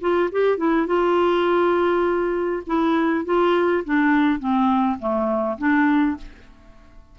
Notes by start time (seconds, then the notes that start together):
0.00 F4
0.31 G4
0.57 E4
0.86 F4
2.66 E4
3.25 F4
3.84 D4
4.39 C4
4.99 A3
5.58 D4